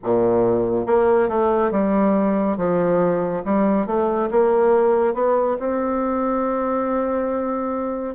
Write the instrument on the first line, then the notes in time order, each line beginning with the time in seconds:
bassoon
0.03 A#2
0.86 A#3
1.28 A3
1.71 G3
2.57 F3
3.44 G3
3.86 A3
4.31 A#3
5.14 B3
5.59 C4